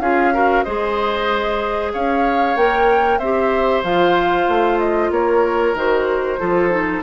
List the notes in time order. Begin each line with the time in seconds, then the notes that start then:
0.00 C#4 F4 G#4 F5
0.34 F#4 A#4
0.64 G#3 G#4 C5 D#5
1.94 C#4 C#5 F5
2.56 A#3 A#4 G5
3.19 C4 G4 C5 E5
3.84 F3 F4 F5
4.49 A3
4.79 D#5
5.11 A#3 A#4 C#5
5.75 D#3 F#4 C5
6.39 F3 F4 A4
6.70 D#4